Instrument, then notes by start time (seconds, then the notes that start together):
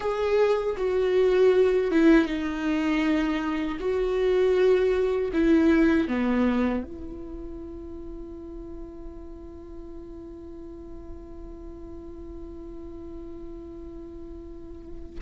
viola
0.00 G#4
0.77 F#4
1.91 E4
2.25 D#4
3.79 F#4
5.33 E4
6.08 B3
6.83 E4